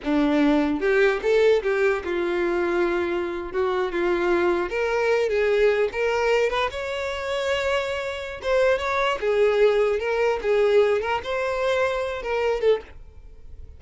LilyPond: \new Staff \with { instrumentName = "violin" } { \time 4/4 \tempo 4 = 150 d'2 g'4 a'4 | g'4 f'2.~ | f'8. fis'4 f'2 ais'16~ | ais'4~ ais'16 gis'4. ais'4~ ais'16~ |
ais'16 b'8 cis''2.~ cis''16~ | cis''4 c''4 cis''4 gis'4~ | gis'4 ais'4 gis'4. ais'8 | c''2~ c''8 ais'4 a'8 | }